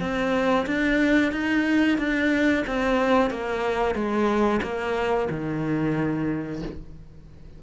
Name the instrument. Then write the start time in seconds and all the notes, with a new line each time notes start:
cello
0.00 C4
0.67 D4
1.32 D#4
1.98 D4
2.67 C4
3.30 A#3
3.95 G#3
4.62 A#3
5.30 D#3